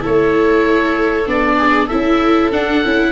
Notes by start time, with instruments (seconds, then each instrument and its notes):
0.00 tuba A3, viola E4 A4, oboe C#5
1.26 tuba B3, viola D4, oboe D5
1.57 viola G#4
1.86 tuba C#4, viola E4 A4, oboe E5
2.52 viola D4, tuba D4, oboe F#5
2.84 tuba C#4, viola E4